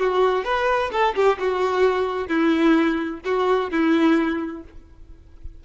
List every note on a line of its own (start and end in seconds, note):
0.00 0.45 F#4
0.45 0.91 B4
0.92 1.15 A4
1.16 1.39 G4
1.39 2.28 F#4
2.28 3.20 E4
3.25 3.71 F#4
3.71 4.63 E4